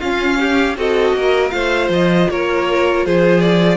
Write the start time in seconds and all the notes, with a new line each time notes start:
0.00 C#4 F4 F5
0.40 G4
0.77 C4 F#4 A4 D#5
1.14 A#3 A#4
1.50 A3 F4 C5 F5
1.89 F3 D#5
2.31 A#3 A#4 C#5
3.06 F3 G#4 C5
3.41 D5